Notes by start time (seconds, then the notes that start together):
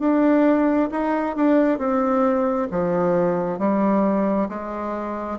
0.00 D4
0.92 D#4
1.36 D4
1.79 C4
2.71 F3
3.59 G3
4.49 G#3